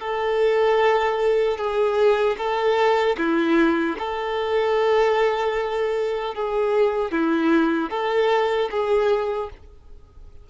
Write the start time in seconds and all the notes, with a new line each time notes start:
0.00 A4
1.58 G#4
2.38 A4
3.18 E4
3.98 A4
6.35 G#4
7.12 E4
7.90 A4
8.71 G#4